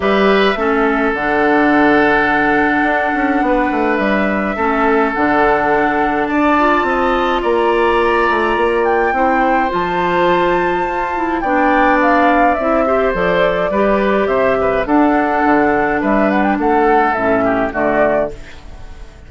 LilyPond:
<<
  \new Staff \with { instrumentName = "flute" } { \time 4/4 \tempo 4 = 105 e''2 fis''2~ | fis''2. e''4~ | e''4 fis''2 a''4~ | a''4 ais''2~ ais''8 g''8~ |
g''4 a''2. | g''4 f''4 e''4 d''4~ | d''4 e''4 fis''2 | e''8 fis''16 g''16 fis''4 e''4 d''4 | }
  \new Staff \with { instrumentName = "oboe" } { \time 4/4 b'4 a'2.~ | a'2 b'2 | a'2. d''4 | dis''4 d''2. |
c''1 | d''2~ d''8 c''4. | b'4 c''8 b'8 a'2 | b'4 a'4. g'8 fis'4 | }
  \new Staff \with { instrumentName = "clarinet" } { \time 4/4 g'4 cis'4 d'2~ | d'1 | cis'4 d'2~ d'8 f'8~ | f'1 |
e'4 f'2~ f'8 e'8 | d'2 e'8 g'8 a'4 | g'2 d'2~ | d'2 cis'4 a4 | }
  \new Staff \with { instrumentName = "bassoon" } { \time 4/4 g4 a4 d2~ | d4 d'8 cis'8 b8 a8 g4 | a4 d2 d'4 | c'4 ais4. a8 ais4 |
c'4 f2 f'4 | b2 c'4 f4 | g4 c4 d'4 d4 | g4 a4 a,4 d4 | }
>>